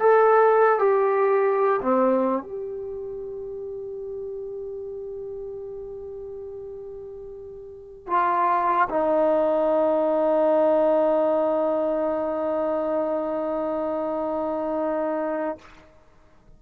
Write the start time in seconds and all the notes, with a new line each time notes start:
0.00 A4
0.80 G4
1.82 C4
2.43 G4
8.07 F4
8.90 D#4